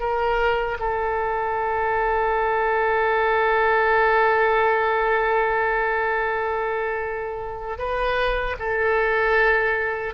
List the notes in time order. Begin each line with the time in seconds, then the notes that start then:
0.00 A#4
0.79 A4
7.78 B4
8.59 A4